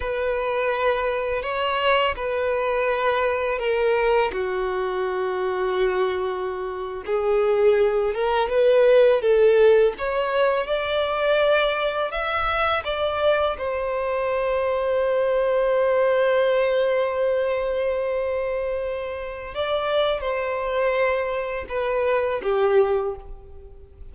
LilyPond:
\new Staff \with { instrumentName = "violin" } { \time 4/4 \tempo 4 = 83 b'2 cis''4 b'4~ | b'4 ais'4 fis'2~ | fis'4.~ fis'16 gis'4. ais'8 b'16~ | b'8. a'4 cis''4 d''4~ d''16~ |
d''8. e''4 d''4 c''4~ c''16~ | c''1~ | c''2. d''4 | c''2 b'4 g'4 | }